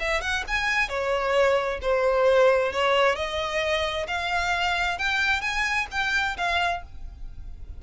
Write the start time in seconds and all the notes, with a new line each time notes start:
0.00 E5
0.21 F#5
0.48 G#5
0.89 C#5
1.82 C5
2.73 C#5
3.16 D#5
4.08 F5
4.99 G5
5.42 G#5
5.92 G5
6.37 F5